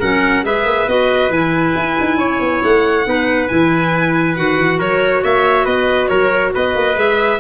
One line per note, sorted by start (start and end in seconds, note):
0.00 0.44 F#3
0.00 0.44 C#4
0.00 0.43 A#4
0.00 0.44 F#5
0.44 0.64 G#3
0.44 0.87 G#4
0.44 2.18 B4
0.44 0.88 E5
0.64 0.86 A#3
0.87 1.30 B3
0.87 1.31 F#4
0.87 1.31 D#5
1.30 1.73 E3
1.30 3.04 E4
1.30 2.62 G#5
1.75 1.97 E4
2.00 2.17 D#4
2.17 2.39 C#4
2.17 3.05 C#5
2.40 2.62 B3
2.63 3.06 A3
2.63 3.48 F#5
3.04 3.50 B3
3.04 3.48 D#4
3.04 4.78 B4
3.48 4.37 E3
3.48 4.35 E4
3.48 4.35 G#5
4.35 4.58 D#3
4.35 6.95 F#4
4.35 4.79 F#5
4.58 4.79 E3
4.78 5.23 F#3
4.78 5.21 A#4
4.78 5.24 C#5
5.23 5.66 A#3
5.23 5.65 C#5
5.23 5.66 E5
5.65 6.09 B3
5.65 6.08 B4
5.65 6.08 D#5
6.08 6.54 F#3
6.08 6.53 A#4
6.08 6.51 C#5
6.54 6.75 B3
6.54 7.40 B4
6.54 6.99 D#5
6.75 6.96 A#3
6.95 7.40 G#3
6.95 7.39 G#4
6.95 7.40 E5